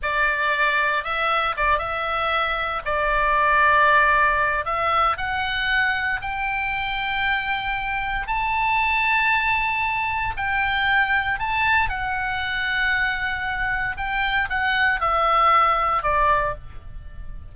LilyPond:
\new Staff \with { instrumentName = "oboe" } { \time 4/4 \tempo 4 = 116 d''2 e''4 d''8 e''8~ | e''4. d''2~ d''8~ | d''4 e''4 fis''2 | g''1 |
a''1 | g''2 a''4 fis''4~ | fis''2. g''4 | fis''4 e''2 d''4 | }